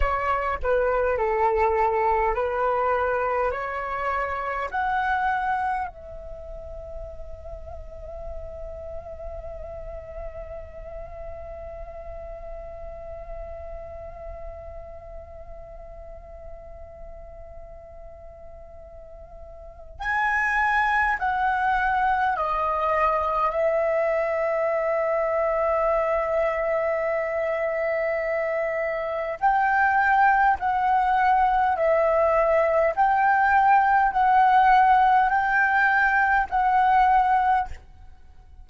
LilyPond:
\new Staff \with { instrumentName = "flute" } { \time 4/4 \tempo 4 = 51 cis''8 b'8 a'4 b'4 cis''4 | fis''4 e''2.~ | e''1~ | e''1~ |
e''4 gis''4 fis''4 dis''4 | e''1~ | e''4 g''4 fis''4 e''4 | g''4 fis''4 g''4 fis''4 | }